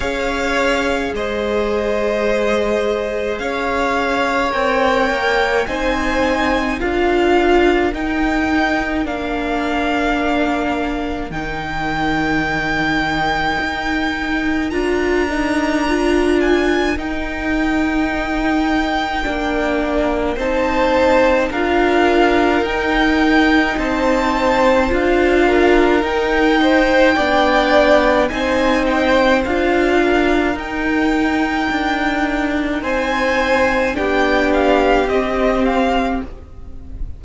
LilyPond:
<<
  \new Staff \with { instrumentName = "violin" } { \time 4/4 \tempo 4 = 53 f''4 dis''2 f''4 | g''4 gis''4 f''4 g''4 | f''2 g''2~ | g''4 ais''4. gis''8 g''4~ |
g''2 a''4 f''4 | g''4 a''4 f''4 g''4~ | g''4 gis''8 g''8 f''4 g''4~ | g''4 gis''4 g''8 f''8 dis''8 f''8 | }
  \new Staff \with { instrumentName = "violin" } { \time 4/4 cis''4 c''2 cis''4~ | cis''4 c''4 ais'2~ | ais'1~ | ais'1~ |
ais'2 c''4 ais'4~ | ais'4 c''4. ais'4 c''8 | d''4 c''4. ais'4.~ | ais'4 c''4 g'2 | }
  \new Staff \with { instrumentName = "viola" } { \time 4/4 gis'1 | ais'4 dis'4 f'4 dis'4 | d'2 dis'2~ | dis'4 f'8 dis'8 f'4 dis'4~ |
dis'4 d'4 dis'4 f'4 | dis'2 f'4 dis'4 | d'4 dis'4 f'4 dis'4~ | dis'2 d'4 c'4 | }
  \new Staff \with { instrumentName = "cello" } { \time 4/4 cis'4 gis2 cis'4 | c'8 ais8 c'4 d'4 dis'4 | ais2 dis2 | dis'4 d'2 dis'4~ |
dis'4 ais4 c'4 d'4 | dis'4 c'4 d'4 dis'4 | b4 c'4 d'4 dis'4 | d'4 c'4 b4 c'4 | }
>>